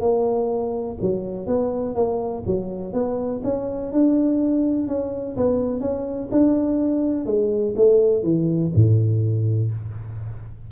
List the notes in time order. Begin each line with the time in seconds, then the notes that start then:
0.00 A#3
1.01 F#3
1.46 B3
1.95 A#3
2.46 F#3
2.93 B3
3.44 C#4
3.92 D4
4.87 C#4
5.36 B3
5.80 C#4
6.31 D4
7.26 G#3
7.76 A3
8.23 E3
8.74 A2